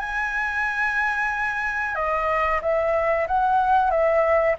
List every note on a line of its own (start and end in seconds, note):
0.00 1.96 G#5
1.96 2.61 D#5
2.62 3.28 E5
3.28 3.91 F#5
3.91 4.56 E5